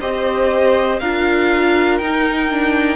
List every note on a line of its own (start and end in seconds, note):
0.00 1.00 C4
0.00 1.00 G4
0.00 1.00 C5
0.00 0.99 D#5
0.99 2.00 D4
0.99 2.01 F4
0.99 2.96 A#4
0.99 1.97 F5
1.97 2.96 D#4
1.97 2.51 D#4
1.97 2.96 G5
2.51 2.96 D4